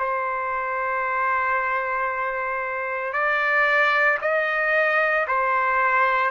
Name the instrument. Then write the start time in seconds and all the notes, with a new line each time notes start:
trumpet
0.00 C5
3.13 D5
4.22 D#5
5.28 C5